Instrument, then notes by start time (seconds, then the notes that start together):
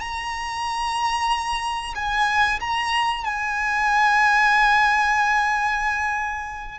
violin
0.00 A#5
1.95 G#5
2.60 A#5
3.24 G#5